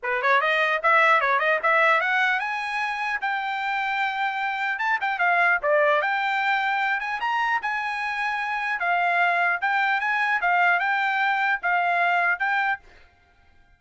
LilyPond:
\new Staff \with { instrumentName = "trumpet" } { \time 4/4 \tempo 4 = 150 b'8 cis''8 dis''4 e''4 cis''8 dis''8 | e''4 fis''4 gis''2 | g''1 | a''8 g''8 f''4 d''4 g''4~ |
g''4. gis''8 ais''4 gis''4~ | gis''2 f''2 | g''4 gis''4 f''4 g''4~ | g''4 f''2 g''4 | }